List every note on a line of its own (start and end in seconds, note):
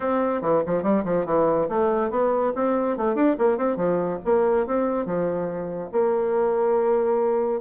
0.00 0.41 C4
0.41 0.62 E3
0.65 0.82 F3
0.82 1.04 G3
1.04 1.25 F3
1.25 1.68 E3
1.68 2.10 A3
2.10 2.52 B3
2.55 2.97 C4
2.97 3.15 A3
3.15 3.36 D4
3.38 3.57 A#3
3.57 3.76 C4
3.76 4.18 F3
4.25 4.66 A#3
4.66 5.05 C4
5.05 5.90 F3
5.92 7.60 A#3